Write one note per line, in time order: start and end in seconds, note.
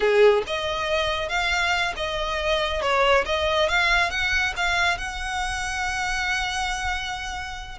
0.00 0.43 G#4
0.47 1.29 D#5
1.29 1.93 F5
1.96 2.81 D#5
2.81 3.24 C#5
3.25 3.68 D#5
3.68 4.10 F5
4.10 4.53 F#5
4.56 4.97 F5
4.97 7.78 F#5